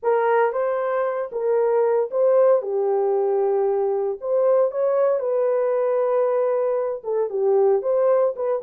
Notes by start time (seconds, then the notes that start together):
0.02 A#4
0.52 C5
1.31 A#4
2.11 C5
2.62 G4
4.20 C5
4.71 C#5
5.19 B4
7.03 A4
7.29 G4
7.82 C5
8.36 B4